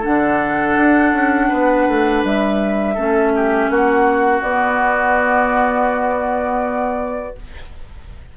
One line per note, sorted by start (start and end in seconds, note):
0.00 0.77 D3
0.00 2.95 D4
0.00 1.46 A4
0.00 2.24 F#5
0.77 1.13 D4
1.13 1.49 C#4
1.49 1.88 B3
1.49 2.94 B4
1.88 2.24 A3
2.24 2.97 G3
2.24 3.71 E5
2.94 3.70 A3
2.94 4.44 C#4
2.94 3.31 A4
3.36 3.71 G4
3.70 4.42 A#3
3.70 7.37 F#4
3.70 4.43 F#5
4.42 7.34 B3
4.42 7.36 B3
4.42 7.35 D5